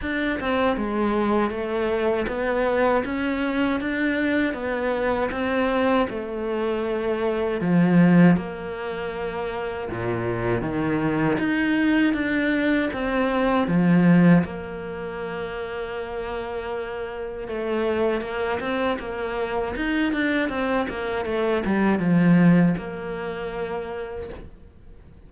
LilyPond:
\new Staff \with { instrumentName = "cello" } { \time 4/4 \tempo 4 = 79 d'8 c'8 gis4 a4 b4 | cis'4 d'4 b4 c'4 | a2 f4 ais4~ | ais4 ais,4 dis4 dis'4 |
d'4 c'4 f4 ais4~ | ais2. a4 | ais8 c'8 ais4 dis'8 d'8 c'8 ais8 | a8 g8 f4 ais2 | }